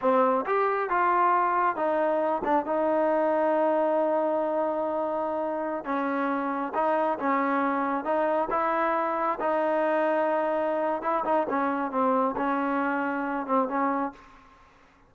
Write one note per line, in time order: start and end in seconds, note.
0.01 0.45 C4
0.46 0.89 G4
0.89 1.75 F4
1.75 2.42 D#4
2.44 2.65 D4
2.65 5.84 D#4
5.84 6.73 C#4
6.74 7.18 D#4
7.18 8.04 C#4
8.04 8.48 D#4
8.50 9.38 E4
9.40 11.02 D#4
11.02 11.24 E4
11.24 11.46 D#4
11.49 11.91 C#4
11.91 12.35 C4
12.36 13.46 C#4
13.46 13.68 C4
13.68 14.12 C#4